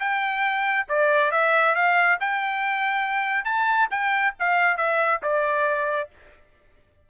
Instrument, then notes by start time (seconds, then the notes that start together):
trumpet
0.00 G5
0.89 D5
1.32 E5
1.75 F5
2.21 G5
3.45 A5
3.91 G5
4.40 F5
4.77 E5
5.23 D5